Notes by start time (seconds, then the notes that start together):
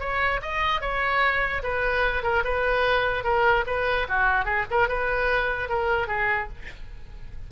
0.00 C#5
0.42 D#5
0.81 C#5
1.63 B4
2.23 A#4
2.45 B4
3.24 A#4
3.67 B4
4.09 F#4
4.45 G#4
4.71 A#4
4.89 B4
5.69 A#4
6.08 G#4